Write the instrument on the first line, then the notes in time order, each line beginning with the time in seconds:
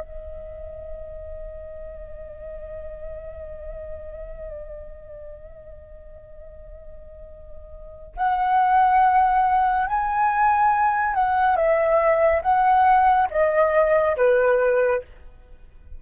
flute
0.00 D#5
8.17 F#5
9.87 G#5
11.15 F#5
11.57 E5
12.43 F#5
13.31 D#5
14.17 B4